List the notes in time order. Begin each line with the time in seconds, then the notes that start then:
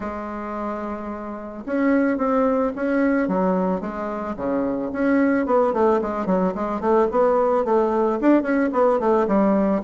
0.00 G#3
1.66 C#4
2.17 C4
2.75 C#4
3.28 F#3
3.80 G#3
4.36 C#3
4.92 C#4
5.46 B3
5.73 A3
6.01 G#3
6.26 F#3
6.55 G#3
6.80 A3
7.11 B3
7.64 A3
8.20 D4
8.42 C#4
8.72 B3
8.99 A3
9.27 G3